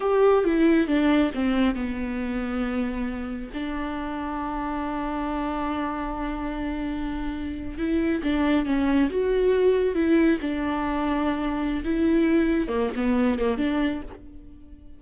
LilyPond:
\new Staff \with { instrumentName = "viola" } { \time 4/4 \tempo 4 = 137 g'4 e'4 d'4 c'4 | b1 | d'1~ | d'1~ |
d'4.~ d'16 e'4 d'4 cis'16~ | cis'8. fis'2 e'4 d'16~ | d'2. e'4~ | e'4 ais8 b4 ais8 d'4 | }